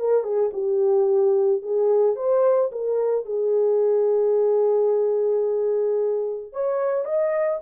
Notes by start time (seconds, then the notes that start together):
0.00 A#4
0.24 G#4
0.54 G4
1.63 G#4
2.16 C5
2.72 A#4
3.26 G#4
6.53 C#5
7.05 D#5